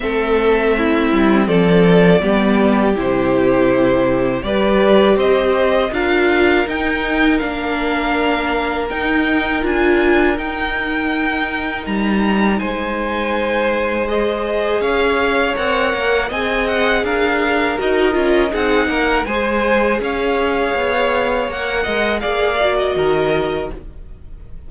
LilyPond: <<
  \new Staff \with { instrumentName = "violin" } { \time 4/4 \tempo 4 = 81 e''2 d''2 | c''2 d''4 dis''4 | f''4 g''4 f''2 | g''4 gis''4 g''2 |
ais''4 gis''2 dis''4 | f''4 fis''4 gis''8 fis''8 f''4 | dis''4 fis''4 gis''4 f''4~ | f''4 fis''4 f''8. dis''4~ dis''16 | }
  \new Staff \with { instrumentName = "violin" } { \time 4/4 a'4 e'4 a'4 g'4~ | g'2 b'4 c''4 | ais'1~ | ais'1~ |
ais'4 c''2. | cis''2 dis''4 ais'4~ | ais'4 gis'8 ais'8 c''4 cis''4~ | cis''4. dis''8 d''4 ais'4 | }
  \new Staff \with { instrumentName = "viola" } { \time 4/4 c'2. b4 | e'2 g'2 | f'4 dis'4 d'2 | dis'4 f'4 dis'2~ |
dis'2. gis'4~ | gis'4 ais'4 gis'2 | fis'8 f'8 dis'4 gis'2~ | gis'4 ais'4 gis'8 fis'4. | }
  \new Staff \with { instrumentName = "cello" } { \time 4/4 a4. g8 f4 g4 | c2 g4 c'4 | d'4 dis'4 ais2 | dis'4 d'4 dis'2 |
g4 gis2. | cis'4 c'8 ais8 c'4 d'4 | dis'8 cis'8 c'8 ais8 gis4 cis'4 | b4 ais8 gis8 ais4 dis4 | }
>>